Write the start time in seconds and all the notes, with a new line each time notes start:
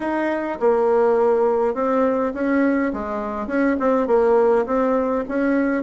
0.00 D#4
0.60 A#3
1.74 C4
2.34 C#4
2.93 G#3
3.47 C#4
3.79 C4
4.07 A#3
4.66 C4
5.28 C#4